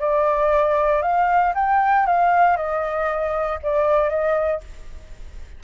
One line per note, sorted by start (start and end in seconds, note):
0.00 1.02 D5
1.02 1.53 F5
1.55 2.06 G5
2.06 2.56 F5
2.56 3.59 D#5
3.62 4.09 D5
4.09 4.61 D#5